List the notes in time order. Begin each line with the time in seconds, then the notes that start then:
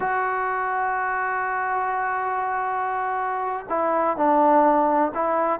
0.00 F#4
3.69 E4
4.16 D4
5.14 E4